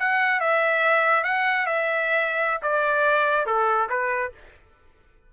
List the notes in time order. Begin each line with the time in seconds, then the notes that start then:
0.00 F#5
0.41 E5
1.24 F#5
1.67 E5
2.63 D5
3.47 A4
3.90 B4